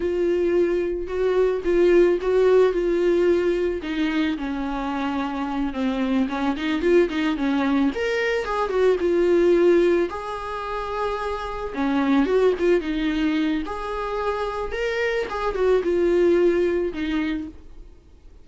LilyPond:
\new Staff \with { instrumentName = "viola" } { \time 4/4 \tempo 4 = 110 f'2 fis'4 f'4 | fis'4 f'2 dis'4 | cis'2~ cis'8 c'4 cis'8 | dis'8 f'8 dis'8 cis'4 ais'4 gis'8 |
fis'8 f'2 gis'4.~ | gis'4. cis'4 fis'8 f'8 dis'8~ | dis'4 gis'2 ais'4 | gis'8 fis'8 f'2 dis'4 | }